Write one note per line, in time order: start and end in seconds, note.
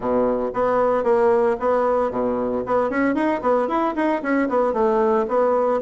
0.00 0.50 B2
0.53 1.03 B3
1.03 1.56 A#3
1.59 2.10 B3
2.10 2.63 B2
2.66 2.90 B3
2.90 3.14 C#4
3.14 3.41 D#4
3.41 3.68 B3
3.68 3.94 E4
3.95 4.21 D#4
4.22 4.48 C#4
4.48 4.73 B3
4.73 5.26 A3
5.28 5.80 B3